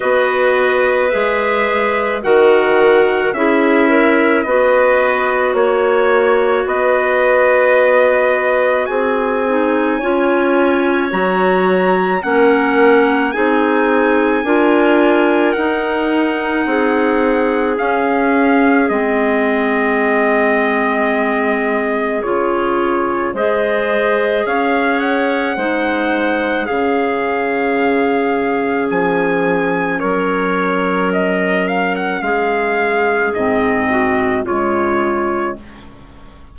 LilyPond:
<<
  \new Staff \with { instrumentName = "trumpet" } { \time 4/4 \tempo 4 = 54 dis''4 e''4 fis''4 e''4 | dis''4 cis''4 dis''2 | gis''2 ais''4 fis''4 | gis''2 fis''2 |
f''4 dis''2. | cis''4 dis''4 f''8 fis''4. | f''2 gis''4 cis''4 | dis''8 f''16 fis''16 f''4 dis''4 cis''4 | }
  \new Staff \with { instrumentName = "clarinet" } { \time 4/4 b'2 ais'4 gis'8 ais'8 | b'4 cis''4 b'2 | gis'4 cis''2 ais'4 | gis'4 ais'2 gis'4~ |
gis'1~ | gis'4 c''4 cis''4 c''4 | gis'2. ais'4~ | ais'4 gis'4. fis'8 f'4 | }
  \new Staff \with { instrumentName = "clarinet" } { \time 4/4 fis'4 gis'4 fis'4 e'4 | fis'1~ | fis'8 dis'8 f'4 fis'4 cis'4 | dis'4 f'4 dis'2 |
cis'4 c'2. | f'4 gis'2 dis'4 | cis'1~ | cis'2 c'4 gis4 | }
  \new Staff \with { instrumentName = "bassoon" } { \time 4/4 b4 gis4 dis4 cis'4 | b4 ais4 b2 | c'4 cis'4 fis4 ais4 | c'4 d'4 dis'4 c'4 |
cis'4 gis2. | cis4 gis4 cis'4 gis4 | cis2 f4 fis4~ | fis4 gis4 gis,4 cis4 | }
>>